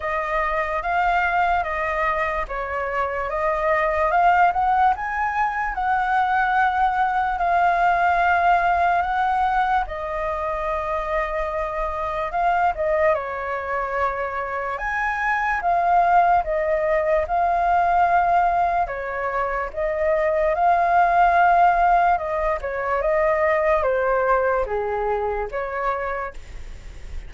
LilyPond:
\new Staff \with { instrumentName = "flute" } { \time 4/4 \tempo 4 = 73 dis''4 f''4 dis''4 cis''4 | dis''4 f''8 fis''8 gis''4 fis''4~ | fis''4 f''2 fis''4 | dis''2. f''8 dis''8 |
cis''2 gis''4 f''4 | dis''4 f''2 cis''4 | dis''4 f''2 dis''8 cis''8 | dis''4 c''4 gis'4 cis''4 | }